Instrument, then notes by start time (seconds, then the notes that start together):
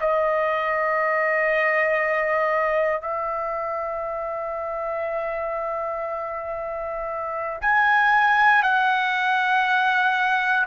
trumpet
0.00 D#5
3.01 E5
7.61 G#5
8.63 F#5